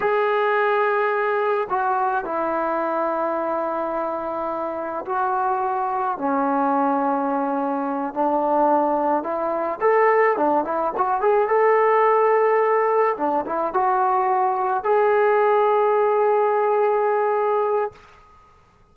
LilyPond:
\new Staff \with { instrumentName = "trombone" } { \time 4/4 \tempo 4 = 107 gis'2. fis'4 | e'1~ | e'4 fis'2 cis'4~ | cis'2~ cis'8 d'4.~ |
d'8 e'4 a'4 d'8 e'8 fis'8 | gis'8 a'2. d'8 | e'8 fis'2 gis'4.~ | gis'1 | }